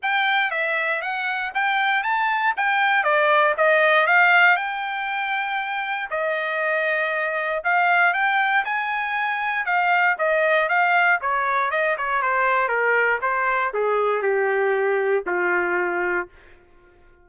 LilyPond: \new Staff \with { instrumentName = "trumpet" } { \time 4/4 \tempo 4 = 118 g''4 e''4 fis''4 g''4 | a''4 g''4 d''4 dis''4 | f''4 g''2. | dis''2. f''4 |
g''4 gis''2 f''4 | dis''4 f''4 cis''4 dis''8 cis''8 | c''4 ais'4 c''4 gis'4 | g'2 f'2 | }